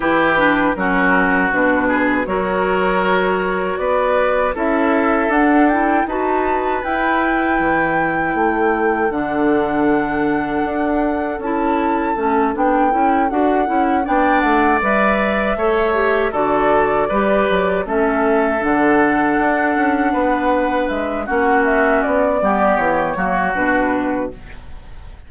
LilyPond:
<<
  \new Staff \with { instrumentName = "flute" } { \time 4/4 \tempo 4 = 79 b'4 ais'4 b'4 cis''4~ | cis''4 d''4 e''4 fis''8 g''8 | a''4 g''2. | fis''2. a''4~ |
a''8 g''4 fis''4 g''8 fis''8 e''8~ | e''4. d''2 e''8~ | e''8 fis''2. e''8 | fis''8 e''8 d''4 cis''4 b'4 | }
  \new Staff \with { instrumentName = "oboe" } { \time 4/4 g'4 fis'4. gis'8 ais'4~ | ais'4 b'4 a'2 | b'2. a'4~ | a'1~ |
a'2~ a'8 d''4.~ | d''8 cis''4 a'4 b'4 a'8~ | a'2~ a'8 b'4. | fis'4. g'4 fis'4. | }
  \new Staff \with { instrumentName = "clarinet" } { \time 4/4 e'8 d'8 cis'4 d'4 fis'4~ | fis'2 e'4 d'8 e'8 | fis'4 e'2. | d'2. e'4 |
cis'8 d'8 e'8 fis'8 e'8 d'4 b'8~ | b'8 a'8 g'8 fis'4 g'4 cis'8~ | cis'8 d'2.~ d'8 | cis'4. b4 ais8 d'4 | }
  \new Staff \with { instrumentName = "bassoon" } { \time 4/4 e4 fis4 b,4 fis4~ | fis4 b4 cis'4 d'4 | dis'4 e'4 e4 a4 | d2 d'4 cis'4 |
a8 b8 cis'8 d'8 cis'8 b8 a8 g8~ | g8 a4 d4 g8 fis8 a8~ | a8 d4 d'8 cis'8 b4 gis8 | ais4 b8 g8 e8 fis8 b,4 | }
>>